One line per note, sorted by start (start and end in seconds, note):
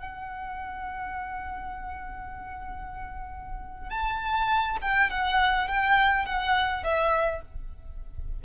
0.00 3.91 F#5
3.91 4.78 A5
4.82 5.11 G5
5.11 5.68 F#5
5.68 6.26 G5
6.26 6.84 F#5
6.84 7.42 E5